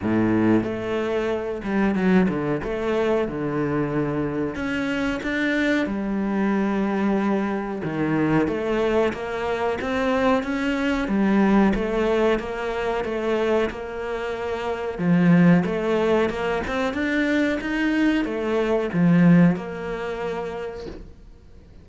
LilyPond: \new Staff \with { instrumentName = "cello" } { \time 4/4 \tempo 4 = 92 a,4 a4. g8 fis8 d8 | a4 d2 cis'4 | d'4 g2. | dis4 a4 ais4 c'4 |
cis'4 g4 a4 ais4 | a4 ais2 f4 | a4 ais8 c'8 d'4 dis'4 | a4 f4 ais2 | }